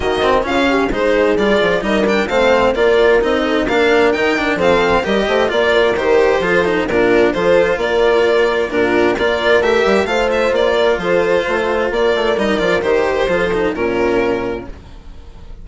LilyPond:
<<
  \new Staff \with { instrumentName = "violin" } { \time 4/4 \tempo 4 = 131 dis''4 f''4 c''4 d''4 | dis''8 g''8 f''4 d''4 dis''4 | f''4 g''4 f''4 dis''4 | d''4 c''2 ais'4 |
c''4 d''2 ais'4 | d''4 e''4 f''8 e''8 d''4 | c''2 d''4 dis''8 d''8 | c''2 ais'2 | }
  \new Staff \with { instrumentName = "horn" } { \time 4/4 fis'4 f'8 g'8 gis'2 | ais'4 c''4 ais'4. a'8 | ais'2 a'4 ais'8 c''8 | d''8 ais'4. a'4 f'4 |
a'4 ais'2 f'4 | ais'2 c''4. ais'8 | a'4 c''4 ais'2~ | ais'4 a'4 f'2 | }
  \new Staff \with { instrumentName = "cello" } { \time 4/4 ais8 c'8 cis'4 dis'4 f'4 | dis'8 d'8 c'4 f'4 dis'4 | d'4 dis'8 d'8 c'4 g'4 | f'4 g'4 f'8 dis'8 d'4 |
f'2. d'4 | f'4 g'4 f'2~ | f'2. dis'8 f'8 | g'4 f'8 dis'8 cis'2 | }
  \new Staff \with { instrumentName = "bassoon" } { \time 4/4 dis4 cis4 gis4 g8 f8 | g4 a4 ais4 c'4 | ais4 dis4 f4 g8 a8 | ais4 dis4 f4 ais,4 |
f4 ais2 ais,4 | ais4 a8 g8 a4 ais4 | f4 a4 ais8 a8 g8 f8 | dis4 f4 ais,2 | }
>>